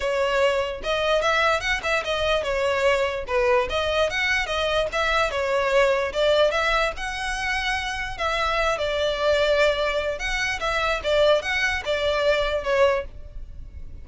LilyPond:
\new Staff \with { instrumentName = "violin" } { \time 4/4 \tempo 4 = 147 cis''2 dis''4 e''4 | fis''8 e''8 dis''4 cis''2 | b'4 dis''4 fis''4 dis''4 | e''4 cis''2 d''4 |
e''4 fis''2. | e''4. d''2~ d''8~ | d''4 fis''4 e''4 d''4 | fis''4 d''2 cis''4 | }